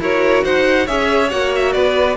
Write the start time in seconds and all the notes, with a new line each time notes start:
0.00 E4 F#4 A#4 C#5
0.45 D#4 C5 F#5
0.86 C#4 G#4 C#5 E5
1.30 A#3 F#4 F#5
1.56 E5
1.73 B3 B4 D5